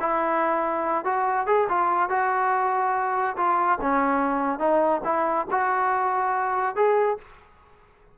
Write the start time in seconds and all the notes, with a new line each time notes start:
0.00 E4
1.04 F#4
1.47 G#4
1.69 F4
2.09 F#4
3.36 F4
3.81 C#4
4.59 D#4
5.04 E4
5.51 F#4
6.76 G#4